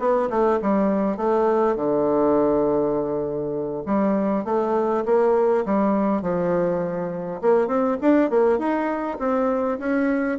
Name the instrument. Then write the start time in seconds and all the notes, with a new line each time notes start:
bassoon
0.00 B3
0.30 A3
0.62 G3
1.17 A3
1.76 D3
3.86 G3
4.45 A3
5.06 A#3
5.66 G3
6.22 F3
7.42 A#3
7.68 C4
8.02 D4
8.31 A#3
8.59 D#4
9.20 C4
9.80 C#4